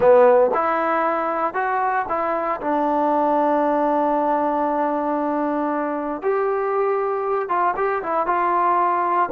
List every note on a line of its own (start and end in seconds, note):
0.00 0.50 B3
0.54 1.54 E4
1.54 2.05 F#4
2.08 2.60 E4
2.61 6.22 D4
6.22 7.48 G4
7.48 7.74 F4
7.76 8.02 G4
8.02 8.26 E4
8.26 9.29 F4